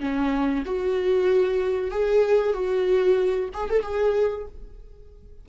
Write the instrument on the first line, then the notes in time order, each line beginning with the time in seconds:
viola
0.00 C#4
0.66 F#4
1.91 G#4
2.54 F#4
3.54 G#4
3.70 A4
3.83 G#4